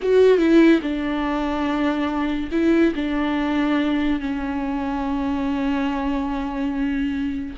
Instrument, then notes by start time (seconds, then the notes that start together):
viola
0.02 F#4
0.38 E4
0.82 D4
2.51 E4
2.95 D4
4.19 C#4